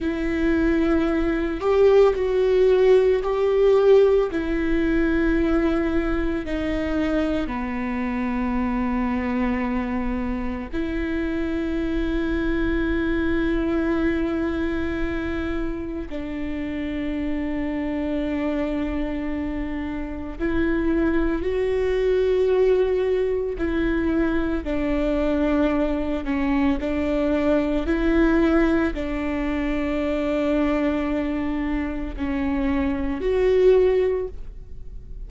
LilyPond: \new Staff \with { instrumentName = "viola" } { \time 4/4 \tempo 4 = 56 e'4. g'8 fis'4 g'4 | e'2 dis'4 b4~ | b2 e'2~ | e'2. d'4~ |
d'2. e'4 | fis'2 e'4 d'4~ | d'8 cis'8 d'4 e'4 d'4~ | d'2 cis'4 fis'4 | }